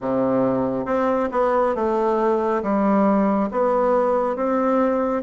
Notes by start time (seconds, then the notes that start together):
0.00 C3
0.85 C4
1.31 B3
1.75 A3
2.62 G3
3.51 B3
4.36 C4